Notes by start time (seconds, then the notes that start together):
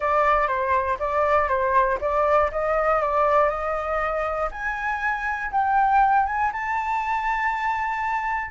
0.00 D5
0.47 C5
0.99 D5
1.48 C5
2.00 D5
2.51 D#5
3.01 D5
3.49 D#5
4.51 G#5
5.51 G5
6.26 G#5
6.52 A5